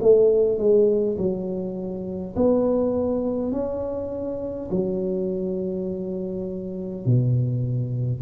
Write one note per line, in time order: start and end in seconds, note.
0.00 0.58 A3
0.58 1.17 G#3
1.17 2.35 F#3
2.36 3.52 B3
3.52 4.70 C#4
4.70 7.05 F#3
7.05 8.22 B2